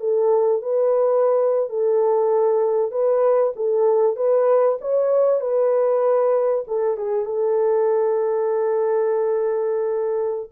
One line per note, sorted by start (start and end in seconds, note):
0.00 0.62 A4
0.62 1.70 B4
1.70 2.91 A4
2.91 3.53 B4
3.56 4.16 A4
4.16 4.78 B4
4.81 5.41 C#5
5.41 6.64 B4
6.67 6.97 A4
6.97 7.26 G#4
7.26 10.50 A4